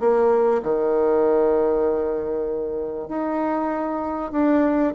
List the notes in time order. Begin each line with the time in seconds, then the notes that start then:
0.00 A#3
0.63 D#3
3.08 D#4
4.32 D4